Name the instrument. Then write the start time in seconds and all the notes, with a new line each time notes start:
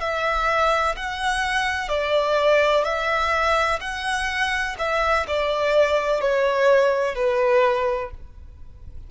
violin
0.00 E5
0.96 F#5
1.89 D5
2.84 E5
3.81 F#5
4.78 E5
5.27 D5
6.20 C#5
7.15 B4